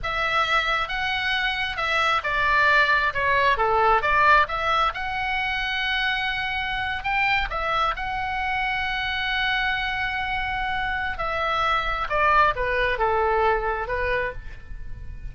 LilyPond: \new Staff \with { instrumentName = "oboe" } { \time 4/4 \tempo 4 = 134 e''2 fis''2 | e''4 d''2 cis''4 | a'4 d''4 e''4 fis''4~ | fis''2.~ fis''8. g''16~ |
g''8. e''4 fis''2~ fis''16~ | fis''1~ | fis''4 e''2 d''4 | b'4 a'2 b'4 | }